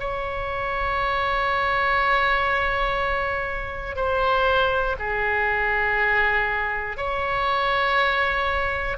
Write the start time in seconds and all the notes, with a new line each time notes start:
0.00 C#5
3.96 C5
5.00 G#4
6.98 C#5